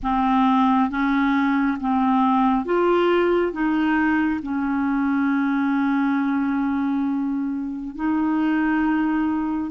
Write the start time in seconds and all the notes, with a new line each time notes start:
0.02 C4
0.89 C#4
1.80 C4
2.65 F4
3.52 D#4
4.42 C#4
7.95 D#4